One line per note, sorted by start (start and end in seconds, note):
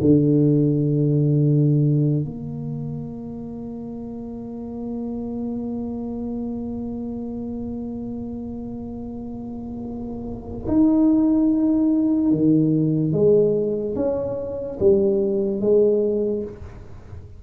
0.00 2.25 D3
2.25 10.67 A#3
10.67 12.31 D#4
12.31 13.12 D#3
13.12 13.95 G#3
13.96 14.78 C#4
14.79 15.61 G3
15.61 16.43 G#3